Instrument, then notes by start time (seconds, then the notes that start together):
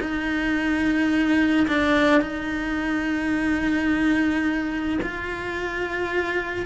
cello
0.00 D#4
1.68 D4
2.21 D#4
5.02 F4